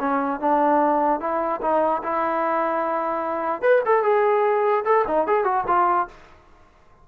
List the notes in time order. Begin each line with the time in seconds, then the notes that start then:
0.00 C#4
0.41 D4
1.21 E4
1.62 D#4
2.03 E4
3.62 B4
3.86 A4
4.04 G#4
4.85 A4
5.08 D#4
5.27 G#4
5.45 F#4
5.68 F4